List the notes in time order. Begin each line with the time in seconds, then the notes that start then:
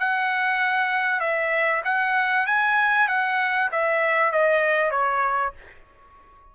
0.00 F#5
1.20 E5
1.85 F#5
2.47 G#5
3.08 F#5
3.72 E5
4.32 D#5
4.91 C#5